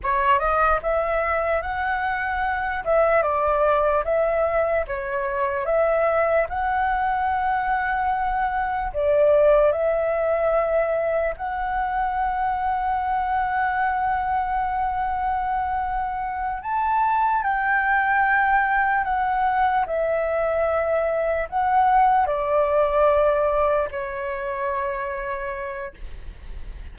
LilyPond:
\new Staff \with { instrumentName = "flute" } { \time 4/4 \tempo 4 = 74 cis''8 dis''8 e''4 fis''4. e''8 | d''4 e''4 cis''4 e''4 | fis''2. d''4 | e''2 fis''2~ |
fis''1~ | fis''8 a''4 g''2 fis''8~ | fis''8 e''2 fis''4 d''8~ | d''4. cis''2~ cis''8 | }